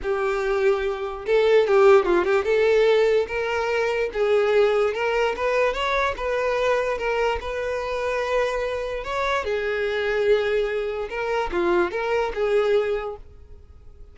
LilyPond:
\new Staff \with { instrumentName = "violin" } { \time 4/4 \tempo 4 = 146 g'2. a'4 | g'4 f'8 g'8 a'2 | ais'2 gis'2 | ais'4 b'4 cis''4 b'4~ |
b'4 ais'4 b'2~ | b'2 cis''4 gis'4~ | gis'2. ais'4 | f'4 ais'4 gis'2 | }